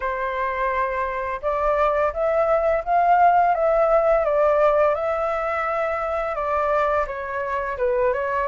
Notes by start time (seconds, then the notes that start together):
0.00 C5
1.41 D5
2.13 E5
2.84 F5
3.54 E5
4.24 D5
4.94 E5
6.35 D5
7.06 C#5
7.77 B4
8.13 C#5